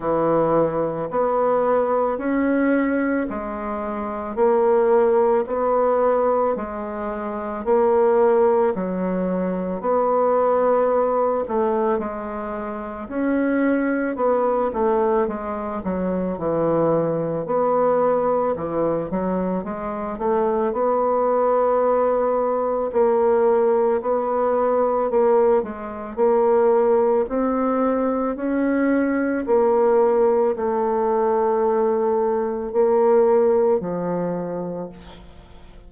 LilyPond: \new Staff \with { instrumentName = "bassoon" } { \time 4/4 \tempo 4 = 55 e4 b4 cis'4 gis4 | ais4 b4 gis4 ais4 | fis4 b4. a8 gis4 | cis'4 b8 a8 gis8 fis8 e4 |
b4 e8 fis8 gis8 a8 b4~ | b4 ais4 b4 ais8 gis8 | ais4 c'4 cis'4 ais4 | a2 ais4 f4 | }